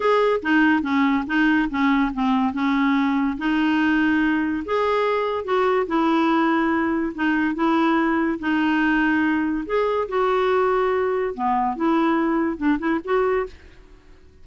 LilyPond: \new Staff \with { instrumentName = "clarinet" } { \time 4/4 \tempo 4 = 143 gis'4 dis'4 cis'4 dis'4 | cis'4 c'4 cis'2 | dis'2. gis'4~ | gis'4 fis'4 e'2~ |
e'4 dis'4 e'2 | dis'2. gis'4 | fis'2. b4 | e'2 d'8 e'8 fis'4 | }